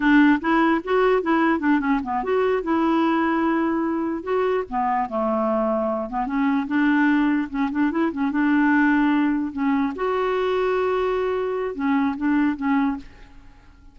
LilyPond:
\new Staff \with { instrumentName = "clarinet" } { \time 4/4 \tempo 4 = 148 d'4 e'4 fis'4 e'4 | d'8 cis'8 b8 fis'4 e'4.~ | e'2~ e'8 fis'4 b8~ | b8 a2~ a8 b8 cis'8~ |
cis'8 d'2 cis'8 d'8 e'8 | cis'8 d'2. cis'8~ | cis'8 fis'2.~ fis'8~ | fis'4 cis'4 d'4 cis'4 | }